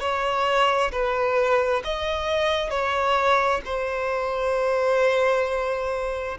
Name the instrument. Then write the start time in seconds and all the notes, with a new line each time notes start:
violin
0.00 C#5
0.91 B4
1.84 D#5
2.70 C#5
3.65 C5